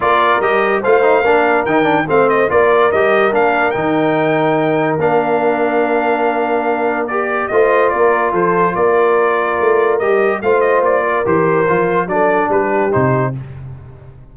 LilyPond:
<<
  \new Staff \with { instrumentName = "trumpet" } { \time 4/4 \tempo 4 = 144 d''4 dis''4 f''2 | g''4 f''8 dis''8 d''4 dis''4 | f''4 g''2. | f''1~ |
f''4 d''4 dis''4 d''4 | c''4 d''2. | dis''4 f''8 dis''8 d''4 c''4~ | c''4 d''4 b'4 c''4 | }
  \new Staff \with { instrumentName = "horn" } { \time 4/4 ais'2 c''4 ais'4~ | ais'4 c''4 ais'2~ | ais'1~ | ais'1~ |
ais'2 c''4 ais'4 | a'4 ais'2.~ | ais'4 c''4. ais'4.~ | ais'4 a'4 g'2 | }
  \new Staff \with { instrumentName = "trombone" } { \time 4/4 f'4 g'4 f'8 dis'8 d'4 | dis'8 d'8 c'4 f'4 g'4 | d'4 dis'2. | d'1~ |
d'4 g'4 f'2~ | f'1 | g'4 f'2 g'4 | f'4 d'2 dis'4 | }
  \new Staff \with { instrumentName = "tuba" } { \time 4/4 ais4 g4 a4 ais4 | dis4 a4 ais4 g4 | ais4 dis2. | ais1~ |
ais2 a4 ais4 | f4 ais2 a4 | g4 a4 ais4 e4 | f4 fis4 g4 c4 | }
>>